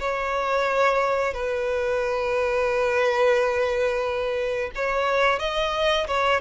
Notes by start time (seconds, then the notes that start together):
0.00 C#5
1.34 B4
4.75 C#5
5.39 D#5
6.07 C#5